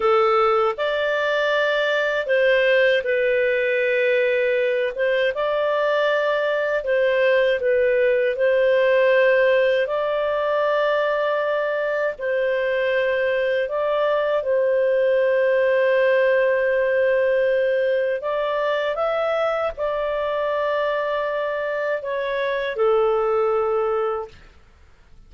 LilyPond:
\new Staff \with { instrumentName = "clarinet" } { \time 4/4 \tempo 4 = 79 a'4 d''2 c''4 | b'2~ b'8 c''8 d''4~ | d''4 c''4 b'4 c''4~ | c''4 d''2. |
c''2 d''4 c''4~ | c''1 | d''4 e''4 d''2~ | d''4 cis''4 a'2 | }